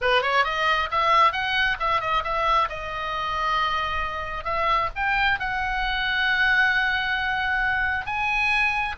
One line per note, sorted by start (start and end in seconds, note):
0.01 0.22 B4
0.22 0.44 C#5
0.44 0.89 D#5
0.91 1.32 E5
1.32 1.77 F#5
1.79 2.00 E5
2.00 2.23 D#5
2.23 2.68 E5
2.69 4.44 D#5
4.44 4.89 E5
4.95 5.39 G5
5.39 8.06 F#5
8.06 8.95 G#5